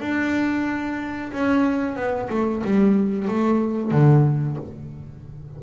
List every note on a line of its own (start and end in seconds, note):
0.00 1.32 D4
1.32 1.96 C#4
1.96 2.29 B3
2.30 2.63 A3
2.64 3.28 G3
3.28 3.91 A3
3.91 4.57 D3